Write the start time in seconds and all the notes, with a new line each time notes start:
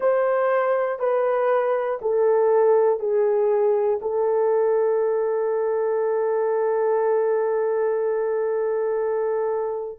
0.00 C5
0.99 B4
2.01 A4
2.99 G#4
4.01 A4